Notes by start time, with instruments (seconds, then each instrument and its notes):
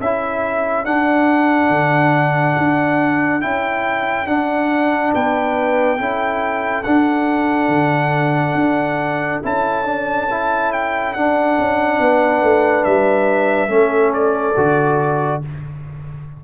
0.00 tuba C#4, trombone E4, horn A4, trumpet E5
0.85 trombone D4, tuba D4, trumpet F#5
1.69 tuba D3
2.57 tuba D4
3.41 tuba C#4, trombone E4, trumpet G5
4.26 trombone D4, tuba D4, trumpet F#5
5.13 tuba B3, horn B4, trumpet G5
5.98 tuba C#4, trombone E4, horn A4
6.83 trombone D4, tuba D4, trumpet F#5
7.68 tuba D3
8.54 tuba D4
9.43 tuba C#4, trombone E4, trumpet A5
9.85 trombone D4
10.30 trombone E4
10.72 trumpet G5
11.13 tuba D4, trombone D4, trumpet F#5
11.58 tuba C#4
11.99 tuba B3, horn B4
12.42 tuba A3
12.84 tuba G3, trumpet E5
13.68 tuba A3, trombone C#4, horn A4
14.13 trumpet D5
14.56 tuba D3, trombone F#4